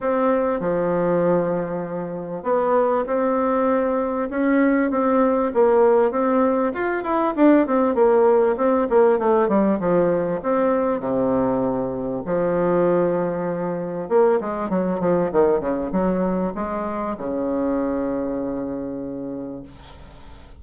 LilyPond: \new Staff \with { instrumentName = "bassoon" } { \time 4/4 \tempo 4 = 98 c'4 f2. | b4 c'2 cis'4 | c'4 ais4 c'4 f'8 e'8 | d'8 c'8 ais4 c'8 ais8 a8 g8 |
f4 c'4 c2 | f2. ais8 gis8 | fis8 f8 dis8 cis8 fis4 gis4 | cis1 | }